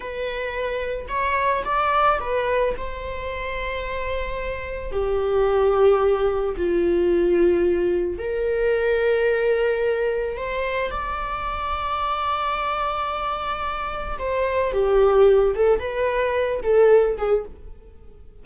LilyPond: \new Staff \with { instrumentName = "viola" } { \time 4/4 \tempo 4 = 110 b'2 cis''4 d''4 | b'4 c''2.~ | c''4 g'2. | f'2. ais'4~ |
ais'2. c''4 | d''1~ | d''2 c''4 g'4~ | g'8 a'8 b'4. a'4 gis'8 | }